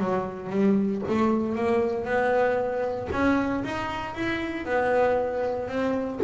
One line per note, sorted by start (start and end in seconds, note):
0.00 0.50 F#3
0.50 1.02 G3
1.09 1.55 A3
1.55 2.05 A#3
2.05 3.09 B3
3.12 3.64 C#4
3.64 4.15 D#4
4.15 4.66 E4
4.66 5.68 B3
5.68 6.20 C4